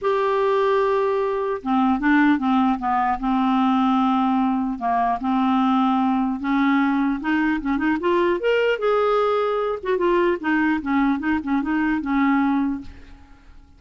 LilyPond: \new Staff \with { instrumentName = "clarinet" } { \time 4/4 \tempo 4 = 150 g'1 | c'4 d'4 c'4 b4 | c'1 | ais4 c'2. |
cis'2 dis'4 cis'8 dis'8 | f'4 ais'4 gis'2~ | gis'8 fis'8 f'4 dis'4 cis'4 | dis'8 cis'8 dis'4 cis'2 | }